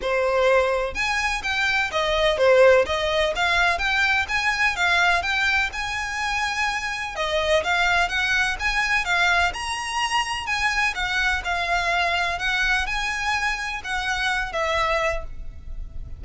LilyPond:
\new Staff \with { instrumentName = "violin" } { \time 4/4 \tempo 4 = 126 c''2 gis''4 g''4 | dis''4 c''4 dis''4 f''4 | g''4 gis''4 f''4 g''4 | gis''2. dis''4 |
f''4 fis''4 gis''4 f''4 | ais''2 gis''4 fis''4 | f''2 fis''4 gis''4~ | gis''4 fis''4. e''4. | }